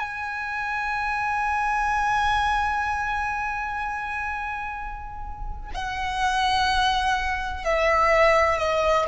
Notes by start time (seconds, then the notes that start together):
0.00 G#5
5.74 F#5
7.65 E5
8.58 D#5